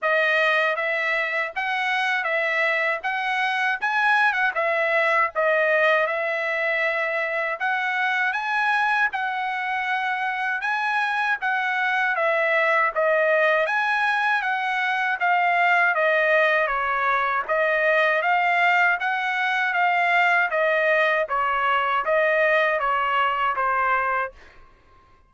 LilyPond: \new Staff \with { instrumentName = "trumpet" } { \time 4/4 \tempo 4 = 79 dis''4 e''4 fis''4 e''4 | fis''4 gis''8. fis''16 e''4 dis''4 | e''2 fis''4 gis''4 | fis''2 gis''4 fis''4 |
e''4 dis''4 gis''4 fis''4 | f''4 dis''4 cis''4 dis''4 | f''4 fis''4 f''4 dis''4 | cis''4 dis''4 cis''4 c''4 | }